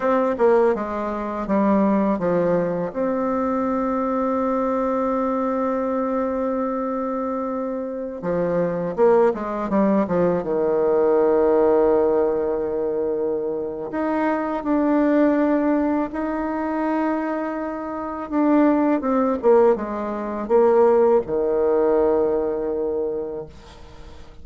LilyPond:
\new Staff \with { instrumentName = "bassoon" } { \time 4/4 \tempo 4 = 82 c'8 ais8 gis4 g4 f4 | c'1~ | c'2.~ c'16 f8.~ | f16 ais8 gis8 g8 f8 dis4.~ dis16~ |
dis2. dis'4 | d'2 dis'2~ | dis'4 d'4 c'8 ais8 gis4 | ais4 dis2. | }